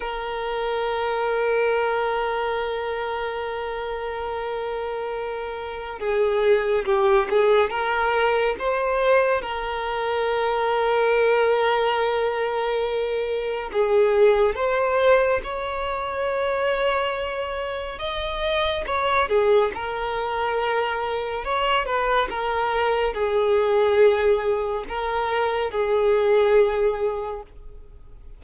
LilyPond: \new Staff \with { instrumentName = "violin" } { \time 4/4 \tempo 4 = 70 ais'1~ | ais'2. gis'4 | g'8 gis'8 ais'4 c''4 ais'4~ | ais'1 |
gis'4 c''4 cis''2~ | cis''4 dis''4 cis''8 gis'8 ais'4~ | ais'4 cis''8 b'8 ais'4 gis'4~ | gis'4 ais'4 gis'2 | }